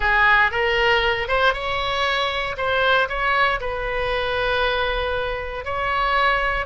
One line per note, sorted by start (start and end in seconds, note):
0.00 0.51 G#4
0.51 1.28 A#4
1.28 1.53 C5
1.53 2.56 C#5
2.57 3.08 C5
3.08 3.60 C#5
3.60 5.64 B4
5.64 6.65 C#5